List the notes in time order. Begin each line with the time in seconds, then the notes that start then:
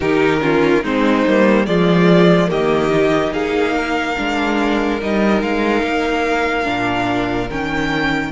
0.00 D#3 D#4 G4 A#4
0.40 C#4 F4
0.83 G#3 C4 D#4 C5
1.26 G3 A#3
1.65 F3 G#3 F4 D5
2.48 D#3 A#3 G4 D#5
2.90 D#4
3.32 A#3 G#4 F5
3.76 A#4
4.16 G#3 D4
5.01 G3 D#4 D#5
5.41 G#3 F5
5.82 A#3
6.64 A#2 D4
7.49 D#3 C#4 G5